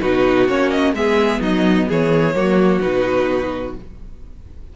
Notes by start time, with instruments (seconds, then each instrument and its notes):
0.00 cello B2, viola D#4, violin F#4 B4
0.48 cello A#3, viola C#4, violin C#5
0.70 violin D#5
0.93 cello G#3, viola B3, violin G#4 E5
1.41 cello F#3, violin D#4 D#5
1.88 cello E3, violin G#4 C#5
2.34 cello F#3, viola A#3, violin F#4
2.80 cello B2, viola D#4, violin B4